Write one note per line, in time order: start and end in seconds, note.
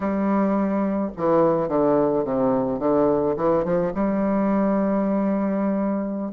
0.00 1.11 G3
1.16 1.68 E3
1.68 2.24 D3
2.24 2.79 C3
2.79 3.35 D3
3.36 3.64 E3
3.64 3.92 F3
3.94 6.32 G3